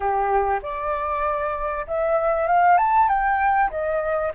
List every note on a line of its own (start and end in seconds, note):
0.00 0.60 G4
0.62 1.86 D5
1.87 2.47 E5
2.47 2.77 F5
2.77 3.08 A5
3.08 3.70 G5
3.70 4.32 D#5